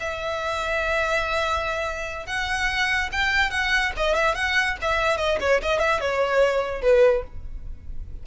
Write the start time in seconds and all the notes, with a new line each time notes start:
0.00 E5
2.27 F#5
3.12 G5
3.51 F#5
3.97 D#5
4.15 E5
4.35 F#5
4.82 E5
5.17 D#5
5.41 C#5
5.62 D#5
5.80 E5
6.01 C#5
6.82 B4